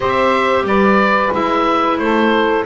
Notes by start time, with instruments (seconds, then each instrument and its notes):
0.00 double bass C4, clarinet G4, saxophone C5, oboe E5
0.62 double bass G3, saxophone B4, oboe D5
1.32 double bass G#3, clarinet E4, oboe E5
1.98 double bass A3, saxophone A4, oboe C5